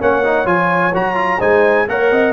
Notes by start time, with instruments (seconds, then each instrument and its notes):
0.00 tuba A#3, trombone C#4, horn C#5, trumpet F#5
0.24 trombone D#4
0.46 tuba F3, trombone F4, trumpet G#5
0.93 tuba F#3, trombone F#4, trumpet A#5
1.15 trombone F4
1.40 tuba G#3, trombone D#4, horn C5, trumpet G#5
1.88 tuba A#3, trombone A#4, horn C#5, trumpet F#5
2.12 tuba C4, horn D#5